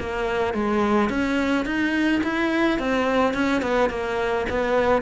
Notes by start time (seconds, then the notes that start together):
0.00 A#3
0.54 G#3
1.10 C#4
1.65 D#4
2.24 E4
2.79 C4
3.34 C#4
3.62 B3
3.90 A#3
4.50 B3